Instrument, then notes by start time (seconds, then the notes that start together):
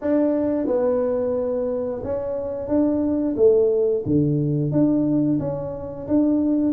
tuba
0.01 D4
0.66 B3
2.03 C#4
2.67 D4
3.36 A3
4.05 D3
4.71 D4
5.39 C#4
6.07 D4